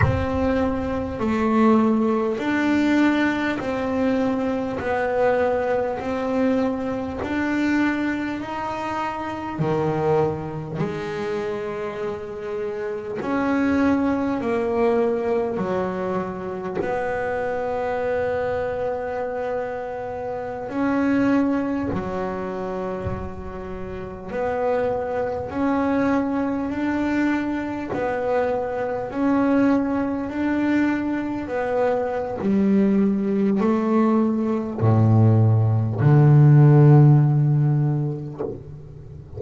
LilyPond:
\new Staff \with { instrumentName = "double bass" } { \time 4/4 \tempo 4 = 50 c'4 a4 d'4 c'4 | b4 c'4 d'4 dis'4 | dis4 gis2 cis'4 | ais4 fis4 b2~ |
b4~ b16 cis'4 fis4.~ fis16~ | fis16 b4 cis'4 d'4 b8.~ | b16 cis'4 d'4 b8. g4 | a4 a,4 d2 | }